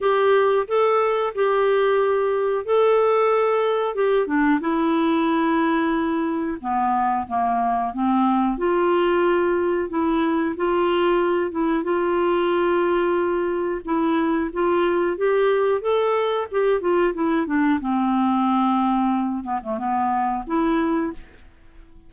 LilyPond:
\new Staff \with { instrumentName = "clarinet" } { \time 4/4 \tempo 4 = 91 g'4 a'4 g'2 | a'2 g'8 d'8 e'4~ | e'2 b4 ais4 | c'4 f'2 e'4 |
f'4. e'8 f'2~ | f'4 e'4 f'4 g'4 | a'4 g'8 f'8 e'8 d'8 c'4~ | c'4. b16 a16 b4 e'4 | }